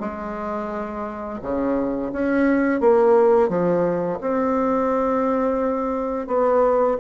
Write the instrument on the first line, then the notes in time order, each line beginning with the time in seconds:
bassoon
0.00 G#3
1.42 C#3
2.12 C#4
2.80 A#3
3.49 F3
4.21 C4
6.27 B3